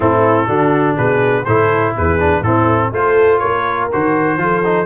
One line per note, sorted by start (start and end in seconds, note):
0.00 0.48 A2
0.00 0.47 C4
0.00 0.47 E4
0.00 0.96 A4
0.47 0.97 D3
0.47 1.45 D4
0.47 0.96 F#4
0.97 1.46 B2
0.97 1.45 G#4
0.97 1.44 B4
1.44 1.95 A2
1.44 2.19 E4
1.44 1.96 A4
1.44 1.93 C5
1.96 2.41 E2
1.96 2.41 G#4
1.96 2.43 B4
2.19 2.43 D4
2.41 2.90 A2
2.41 2.93 C4
2.41 2.90 E4
2.41 2.92 A4
2.91 3.40 A3
2.91 3.91 F4
2.91 3.39 A4
2.91 3.39 C5
3.39 3.92 A#3
3.39 4.36 A#4
3.39 3.87 C#5
3.92 4.37 D#3
3.92 4.38 F#4
3.92 4.85 C5
4.37 4.85 F3
4.37 4.63 F4
4.37 4.85 A4
4.64 4.85 D#4